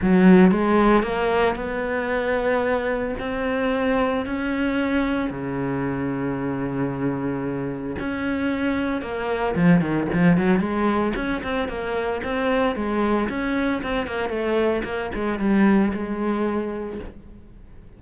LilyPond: \new Staff \with { instrumentName = "cello" } { \time 4/4 \tempo 4 = 113 fis4 gis4 ais4 b4~ | b2 c'2 | cis'2 cis2~ | cis2. cis'4~ |
cis'4 ais4 f8 dis8 f8 fis8 | gis4 cis'8 c'8 ais4 c'4 | gis4 cis'4 c'8 ais8 a4 | ais8 gis8 g4 gis2 | }